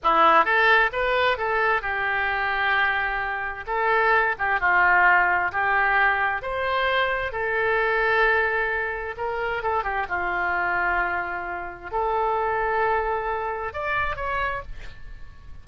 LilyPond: \new Staff \with { instrumentName = "oboe" } { \time 4/4 \tempo 4 = 131 e'4 a'4 b'4 a'4 | g'1 | a'4. g'8 f'2 | g'2 c''2 |
a'1 | ais'4 a'8 g'8 f'2~ | f'2 a'2~ | a'2 d''4 cis''4 | }